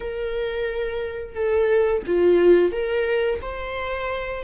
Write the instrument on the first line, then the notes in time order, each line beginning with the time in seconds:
viola
0.00 A#4
1.35 A4
2.06 F4
2.71 A#4
3.41 C5